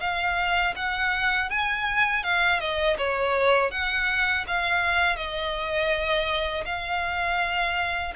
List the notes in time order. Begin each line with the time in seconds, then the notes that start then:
0.00 F5
0.76 F#5
1.49 G#5
2.23 F5
2.60 D#5
2.98 C#5
3.71 F#5
4.47 F5
5.16 D#5
6.65 F5